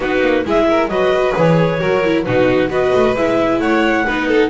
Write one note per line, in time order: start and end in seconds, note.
0.00 0.21 B3
0.00 0.45 D#4
0.00 0.44 F#4
0.00 0.46 B4
0.21 0.44 A#3
0.44 0.88 G#3
0.44 0.90 E4
0.44 0.68 G#4
0.44 0.88 E5
0.69 0.89 A#4
0.88 1.33 F#3
0.88 1.36 F#4
0.88 1.79 B4
0.88 1.33 D#5
1.36 1.81 E3
1.36 1.79 G#4
1.36 2.23 C#5
1.79 2.26 F#3
1.79 2.02 F#4
1.79 2.24 A#4
2.04 2.26 E4
2.23 2.69 B2
2.23 2.69 D#4
2.23 2.69 F#4
2.23 2.68 B4
2.69 2.92 B3
2.69 3.14 F#4
2.69 3.60 B4
2.69 3.16 D#5
2.94 3.15 A3
3.15 3.59 G#3
3.15 4.07 E4
3.15 3.59 E5
3.59 4.04 A3
3.59 4.06 C#5
3.59 4.49 F#5
4.06 4.49 B3
4.06 4.49 D#4
4.06 4.27 B4
4.27 4.49 A4